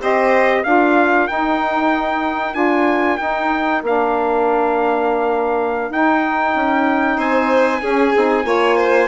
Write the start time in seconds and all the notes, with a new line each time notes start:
0.00 C4 G4 C5 D#5
0.62 D4 F4 A#4 F5
1.28 D#4 G5
2.54 D4 F4 G#5
3.18 D#4 G5
3.83 A#3 D4 F5
5.90 D#4 G5
6.55 C#4
7.18 C4 C5 G#5
7.82 C#4 G#4
8.15 C4 D#4
8.44 A#3 F4 C#5
8.78 C5